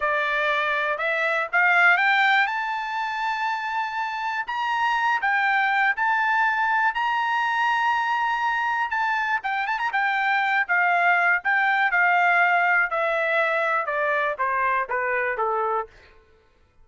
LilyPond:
\new Staff \with { instrumentName = "trumpet" } { \time 4/4 \tempo 4 = 121 d''2 e''4 f''4 | g''4 a''2.~ | a''4 ais''4. g''4. | a''2 ais''2~ |
ais''2 a''4 g''8 a''16 ais''16 | g''4. f''4. g''4 | f''2 e''2 | d''4 c''4 b'4 a'4 | }